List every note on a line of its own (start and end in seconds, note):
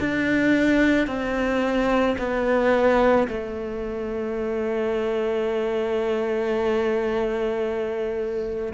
0.00 1.07 D4
1.07 2.16 C4
2.19 3.28 B3
3.28 8.73 A3